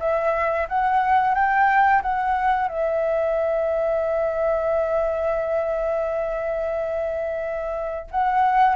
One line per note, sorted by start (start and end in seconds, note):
0.00 0.67 E5
0.69 1.35 F#5
1.35 2.02 G5
2.02 2.68 F#5
2.68 8.07 E5
8.11 8.76 F#5